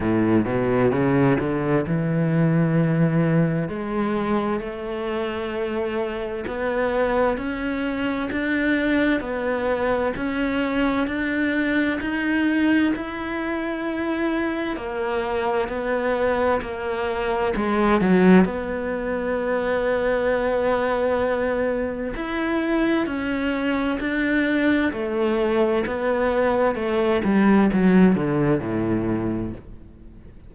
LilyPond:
\new Staff \with { instrumentName = "cello" } { \time 4/4 \tempo 4 = 65 a,8 b,8 cis8 d8 e2 | gis4 a2 b4 | cis'4 d'4 b4 cis'4 | d'4 dis'4 e'2 |
ais4 b4 ais4 gis8 fis8 | b1 | e'4 cis'4 d'4 a4 | b4 a8 g8 fis8 d8 a,4 | }